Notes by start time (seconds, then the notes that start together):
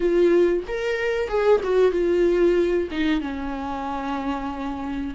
0.00 F4
0.67 A#4
1.28 G#4
1.63 F#4
1.91 F4
2.91 D#4
3.20 C#4